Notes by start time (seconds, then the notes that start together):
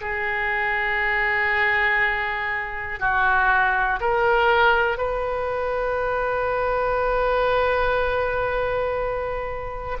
0.00 G#4
2.99 F#4
4.00 A#4
4.97 B4